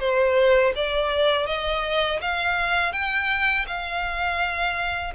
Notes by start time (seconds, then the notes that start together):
0.00 C5
0.75 D5
1.47 D#5
2.21 F5
2.93 G5
3.67 F5